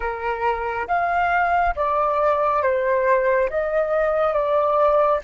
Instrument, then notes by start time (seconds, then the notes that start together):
flute
0.00 A#4
0.87 F5
1.75 D5
2.62 C5
3.49 D#5
4.33 D5